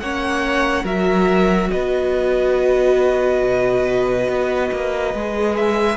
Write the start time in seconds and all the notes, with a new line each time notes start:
0.00 A#3 C#4 C#5 F#5
0.84 F#3 F#4 A#4 E5
1.71 B3 B4 D#5
3.42 B2
4.28 B3
4.72 A#3
5.14 G#3 G#4
5.56 E5